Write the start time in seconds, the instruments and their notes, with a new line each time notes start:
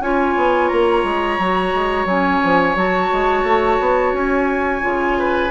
0.00 bassoon C#4, clarinet F4, oboe C#5, flute G#5
0.37 bassoon B3
0.68 bassoon A#3, flute A#5
1.04 bassoon G#3
1.39 bassoon F#3, clarinet F#4
1.74 bassoon G#3
2.05 bassoon F#3, clarinet C#4, flute G#5
2.44 bassoon F3
2.75 bassoon F#3, clarinet F#4, flute A5
3.12 bassoon G#3
3.43 bassoon A3
3.80 bassoon B3
4.13 bassoon C#4, flute G#5
4.81 bassoon C#3, clarinet F4
5.19 oboe B4